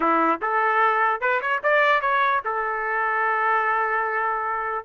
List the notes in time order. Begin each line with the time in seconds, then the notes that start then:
0.00 E4
0.41 A4
1.20 B4
1.41 C#5
1.63 D5
2.01 C#5
2.45 A4